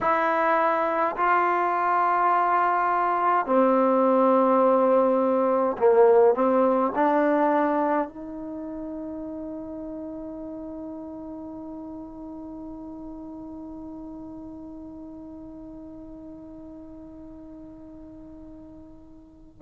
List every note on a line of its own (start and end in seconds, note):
0.00 1.15 E4
1.16 3.46 F4
3.46 5.76 C4
5.77 6.34 A#3
6.34 6.92 C4
6.95 8.08 D4
8.08 19.61 D#4